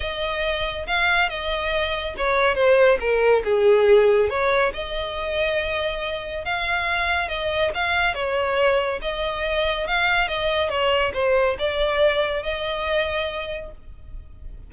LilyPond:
\new Staff \with { instrumentName = "violin" } { \time 4/4 \tempo 4 = 140 dis''2 f''4 dis''4~ | dis''4 cis''4 c''4 ais'4 | gis'2 cis''4 dis''4~ | dis''2. f''4~ |
f''4 dis''4 f''4 cis''4~ | cis''4 dis''2 f''4 | dis''4 cis''4 c''4 d''4~ | d''4 dis''2. | }